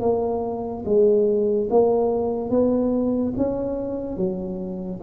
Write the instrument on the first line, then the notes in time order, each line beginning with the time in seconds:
tuba
0.00 A#3
0.85 G#3
1.70 A#3
2.50 B3
3.36 C#4
4.16 F#3